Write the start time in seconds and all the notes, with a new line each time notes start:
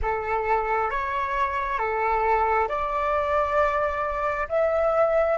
0.02 A4
0.90 C#5
1.78 A4
2.68 D5
4.48 E5